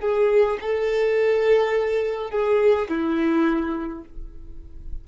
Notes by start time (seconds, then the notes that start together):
0.00 G#4
0.60 A4
2.30 G#4
2.88 E4